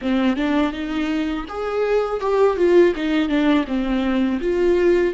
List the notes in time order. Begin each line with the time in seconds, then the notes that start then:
0.01 C4
0.36 D4
0.72 D#4
1.48 G#4
2.20 G4
2.56 F4
2.95 D#4
3.28 D4
3.67 C4
4.40 F4